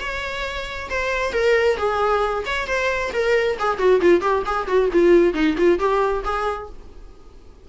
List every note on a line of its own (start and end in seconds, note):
0.00 0.89 C#5
0.89 1.32 C5
1.32 1.77 A#4
1.77 2.43 G#4
2.46 2.66 C#5
2.66 3.11 C5
3.13 3.57 A#4
3.59 3.78 G#4
3.78 4.00 F#4
4.01 4.21 F4
4.21 4.43 G4
4.45 4.67 G#4
4.67 4.89 F#4
4.92 5.34 F4
5.34 5.56 D#4
5.57 5.79 F4
5.79 6.23 G4
6.24 6.68 G#4